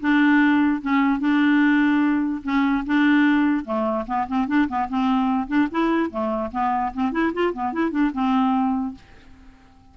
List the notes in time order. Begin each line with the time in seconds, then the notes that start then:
0.00 D4
0.81 C#4
1.19 D4
2.43 C#4
2.86 D4
3.65 A3
4.07 B3
4.28 C4
4.47 D4
4.68 B3
4.89 C4
5.47 D4
5.71 E4
6.10 A3
6.51 B3
6.94 C4
7.12 E4
7.33 F4
7.53 B3
7.73 E4
7.91 D4
8.13 C4